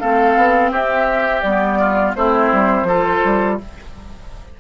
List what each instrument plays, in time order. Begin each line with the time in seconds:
0.00 bassoon A3, clarinet C4, oboe A4, flute F5
0.37 bassoon B3
0.71 bassoon C4, oboe G4, flute E5
1.41 bassoon G3, clarinet B3, flute D5
1.79 oboe F4
2.15 bassoon A3, clarinet C4, oboe E4, flute C5
2.52 bassoon G3
2.83 bassoon F3, oboe A4
2.89 clarinet F4
3.24 bassoon G3